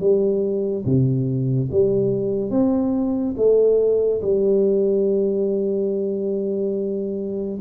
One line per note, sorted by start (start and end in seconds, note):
0.00 0.85 G3
0.85 1.69 C3
1.71 2.50 G3
2.50 3.35 C4
3.36 4.21 A3
4.21 7.59 G3